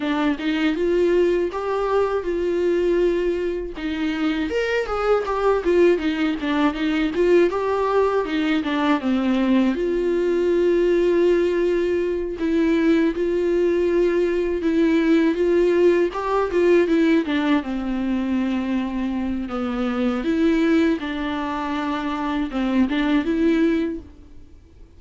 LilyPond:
\new Staff \with { instrumentName = "viola" } { \time 4/4 \tempo 4 = 80 d'8 dis'8 f'4 g'4 f'4~ | f'4 dis'4 ais'8 gis'8 g'8 f'8 | dis'8 d'8 dis'8 f'8 g'4 dis'8 d'8 | c'4 f'2.~ |
f'8 e'4 f'2 e'8~ | e'8 f'4 g'8 f'8 e'8 d'8 c'8~ | c'2 b4 e'4 | d'2 c'8 d'8 e'4 | }